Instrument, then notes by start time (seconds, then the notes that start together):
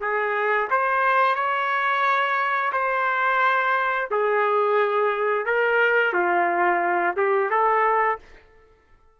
trumpet
0.00 G#4
0.70 C5
1.35 C#5
2.72 C5
4.11 G#4
5.45 A#4
6.13 F4
7.16 G4
7.50 A4